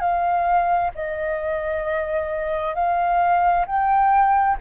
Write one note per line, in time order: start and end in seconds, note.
0.00 0.91 F5
0.95 2.75 D#5
2.75 3.66 F5
3.67 4.57 G5